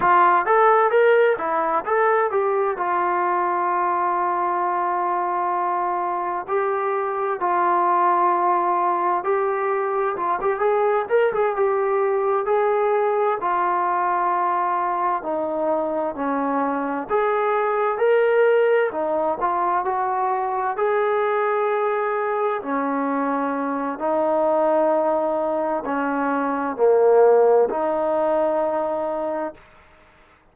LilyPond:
\new Staff \with { instrumentName = "trombone" } { \time 4/4 \tempo 4 = 65 f'8 a'8 ais'8 e'8 a'8 g'8 f'4~ | f'2. g'4 | f'2 g'4 f'16 g'16 gis'8 | ais'16 gis'16 g'4 gis'4 f'4.~ |
f'8 dis'4 cis'4 gis'4 ais'8~ | ais'8 dis'8 f'8 fis'4 gis'4.~ | gis'8 cis'4. dis'2 | cis'4 ais4 dis'2 | }